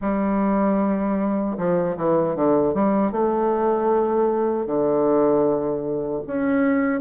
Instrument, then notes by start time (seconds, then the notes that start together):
bassoon
0.01 G3
1.57 F3
1.97 E3
2.35 D3
2.74 G3
3.11 A3
4.66 D3
6.26 C#4